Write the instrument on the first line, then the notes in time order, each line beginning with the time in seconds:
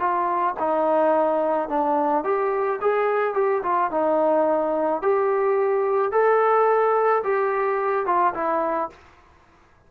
trombone
0.00 F4
0.60 D#4
1.69 D4
2.24 G4
2.82 G#4
3.35 G4
3.63 F4
3.91 D#4
5.03 G4
6.12 A4
7.24 G4
8.06 F4
8.35 E4